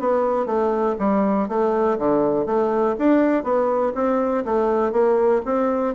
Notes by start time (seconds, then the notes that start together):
0.00 B3
0.46 A3
0.99 G3
1.49 A3
1.99 D3
2.46 A3
2.99 D4
3.44 B3
3.95 C4
4.45 A3
4.92 A#3
5.46 C4